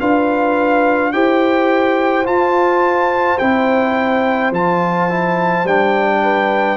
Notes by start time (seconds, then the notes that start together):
0.00 D4 F4 B4 F5
1.12 E4 G4 C5 G5
2.25 F4 A5
3.39 C4 E4 G5
4.51 F3 F4 A5
5.10 E4
5.65 G3 D4 G5
6.23 B4